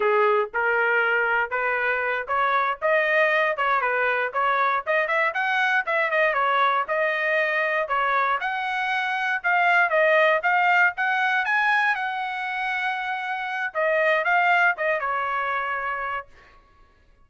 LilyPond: \new Staff \with { instrumentName = "trumpet" } { \time 4/4 \tempo 4 = 118 gis'4 ais'2 b'4~ | b'8 cis''4 dis''4. cis''8 b'8~ | b'8 cis''4 dis''8 e''8 fis''4 e''8 | dis''8 cis''4 dis''2 cis''8~ |
cis''8 fis''2 f''4 dis''8~ | dis''8 f''4 fis''4 gis''4 fis''8~ | fis''2. dis''4 | f''4 dis''8 cis''2~ cis''8 | }